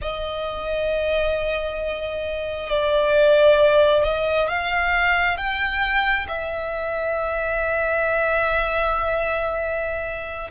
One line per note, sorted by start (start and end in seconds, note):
0.01 2.69 D#5
2.69 4.03 D5
4.03 4.48 D#5
4.48 5.37 F5
5.37 6.26 G5
6.28 10.50 E5